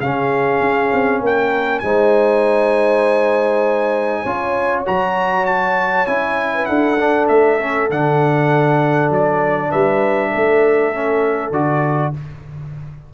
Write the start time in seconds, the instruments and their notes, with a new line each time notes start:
0.00 tuba C#3, trombone C#4, horn G#4, trumpet F5
0.60 tuba C#4
0.93 tuba C4
1.20 tuba A#3, horn A#4, trumpet G5
1.79 tuba G#3, trombone D#4, horn C5, trumpet G#5
4.22 tuba C#4, trombone F4, horn C#5
4.85 tuba F#3, trombone F#4, trumpet A#5
5.46 trumpet A5
6.06 tuba C#4, trombone E4, trumpet G#5
6.54 horn B4
6.66 tuba D4, horn A4, trumpet F#5
6.98 trombone D4
7.28 tuba A3, trumpet E5
7.59 trombone C#4
7.90 tuba D3, trombone D4, trumpet F#5
9.10 tuba F#3, trumpet D5
9.70 tuba G3, horn B4, trumpet E5
10.31 tuba A3, horn A4
10.93 trombone C#4
11.51 tuba D3, trombone F#4, trumpet D5